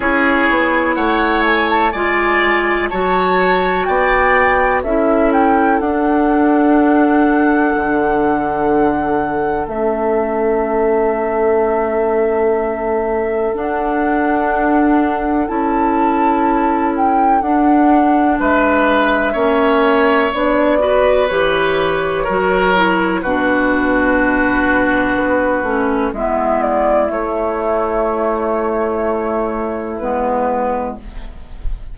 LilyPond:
<<
  \new Staff \with { instrumentName = "flute" } { \time 4/4 \tempo 4 = 62 cis''4 fis''8 gis''16 a''16 gis''4 a''4 | g''4 e''8 g''8 fis''2~ | fis''2 e''2~ | e''2 fis''2 |
a''4. g''8 fis''4 e''4~ | e''4 d''4 cis''2 | b'2. e''8 d''8 | cis''2. b'4 | }
  \new Staff \with { instrumentName = "oboe" } { \time 4/4 gis'4 cis''4 d''4 cis''4 | d''4 a'2.~ | a'1~ | a'1~ |
a'2. b'4 | cis''4. b'4. ais'4 | fis'2. e'4~ | e'1 | }
  \new Staff \with { instrumentName = "clarinet" } { \time 4/4 e'2 f'4 fis'4~ | fis'4 e'4 d'2~ | d'2 cis'2~ | cis'2 d'2 |
e'2 d'2 | cis'4 d'8 fis'8 g'4 fis'8 e'8 | d'2~ d'8 cis'8 b4 | a2. b4 | }
  \new Staff \with { instrumentName = "bassoon" } { \time 4/4 cis'8 b8 a4 gis4 fis4 | b4 cis'4 d'2 | d2 a2~ | a2 d'2 |
cis'2 d'4 gis4 | ais4 b4 e4 fis4 | b,2 b8 a8 gis4 | a2. gis4 | }
>>